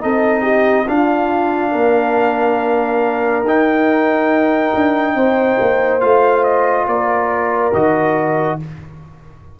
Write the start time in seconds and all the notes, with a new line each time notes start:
0.00 C4 D#4 A4 D#5
0.42 G4
0.87 D4 F4 F5
1.71 A#3 A#4
3.43 D#4 G5
4.75 D4
5.15 C4 C5
5.60 A#3
6.00 A3 F4 F5
6.44 D#5
6.87 A#3 A#4 D5
7.73 D#3 F#4 D#5